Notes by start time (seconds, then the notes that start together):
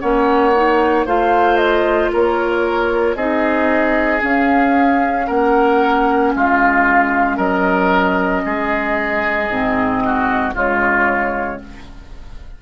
0.00 A#3 C#4 C#5 F#5
0.55 D#4
1.06 A3 F4 C5 F5
1.57 D#5
2.13 A#3 A#4 C#5
3.15 C4 D#4 G#4 D#5
4.19 C#4 F5
5.27 A#3 A#4 F#5
6.35 G#3 F4 F5
7.37 F#3 A#4 D#5
8.45 G#3 G#4
9.49 G#2 C4
10.05 F#4
10.54 C#3 G#3 F4 C#5